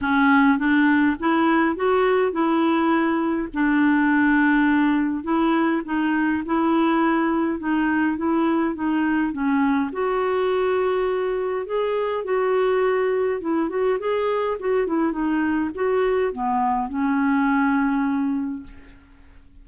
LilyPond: \new Staff \with { instrumentName = "clarinet" } { \time 4/4 \tempo 4 = 103 cis'4 d'4 e'4 fis'4 | e'2 d'2~ | d'4 e'4 dis'4 e'4~ | e'4 dis'4 e'4 dis'4 |
cis'4 fis'2. | gis'4 fis'2 e'8 fis'8 | gis'4 fis'8 e'8 dis'4 fis'4 | b4 cis'2. | }